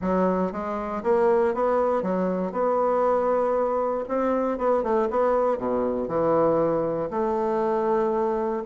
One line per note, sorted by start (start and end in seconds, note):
0.01 0.52 F#3
0.52 1.02 G#3
1.03 1.54 A#3
1.54 2.02 B3
2.02 2.51 F#3
2.51 4.04 B3
4.08 4.58 C4
4.58 4.83 B3
4.83 5.08 A3
5.10 5.57 B3
5.57 6.08 B2
6.08 7.09 E3
7.10 8.63 A3